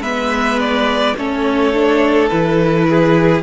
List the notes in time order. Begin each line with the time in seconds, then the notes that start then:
0.00 G#3 B3 B4 E5
0.59 D5
1.17 A3 C#4 A4 C#5
1.73 D4
2.29 E3 E4 B4
2.88 G#4